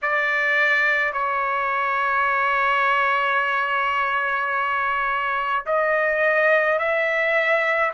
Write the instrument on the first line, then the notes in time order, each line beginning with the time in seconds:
trumpet
0.02 D5
1.12 C#5
5.66 D#5
6.78 E5